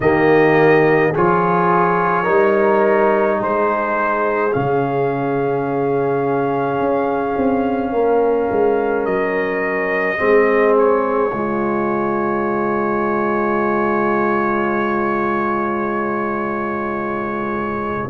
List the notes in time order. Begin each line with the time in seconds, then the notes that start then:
0.00 D#3 A#3 G4 D#5
1.11 F3 F4 G#4 C#5
2.23 G3 D#4 A#4
3.38 G#3 G#4 C5
4.52 C#3 C#4 F5
6.79 C#4
7.37 C4
7.92 A#3 A#4
8.50 G#3
9.05 F#3 D#5
10.17 G#3 C4 G#4
10.78 C#5
11.32 C#3 G#3 F4